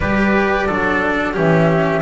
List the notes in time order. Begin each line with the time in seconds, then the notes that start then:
0.00 G3 G4 B4 D5
0.66 F#3 D4 A4
1.33 E3 C#4 G4 E5